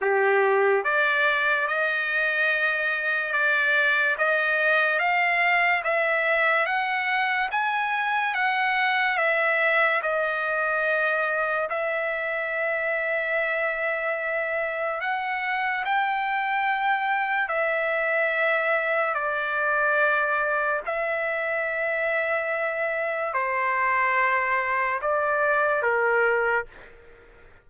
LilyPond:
\new Staff \with { instrumentName = "trumpet" } { \time 4/4 \tempo 4 = 72 g'4 d''4 dis''2 | d''4 dis''4 f''4 e''4 | fis''4 gis''4 fis''4 e''4 | dis''2 e''2~ |
e''2 fis''4 g''4~ | g''4 e''2 d''4~ | d''4 e''2. | c''2 d''4 ais'4 | }